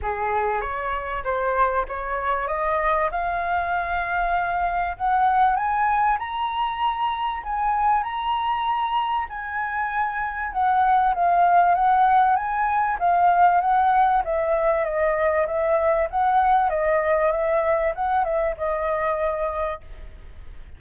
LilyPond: \new Staff \with { instrumentName = "flute" } { \time 4/4 \tempo 4 = 97 gis'4 cis''4 c''4 cis''4 | dis''4 f''2. | fis''4 gis''4 ais''2 | gis''4 ais''2 gis''4~ |
gis''4 fis''4 f''4 fis''4 | gis''4 f''4 fis''4 e''4 | dis''4 e''4 fis''4 dis''4 | e''4 fis''8 e''8 dis''2 | }